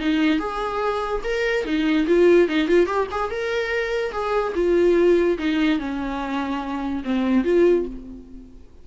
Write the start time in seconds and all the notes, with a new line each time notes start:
0.00 D#4
0.39 G#4
1.24 A#4
1.65 D#4
2.07 F4
2.48 D#4
2.68 F4
2.87 G4
3.11 G#4
3.31 A#4
4.12 G#4
4.55 F4
5.38 D#4
5.79 C#4
7.05 C4
7.44 F4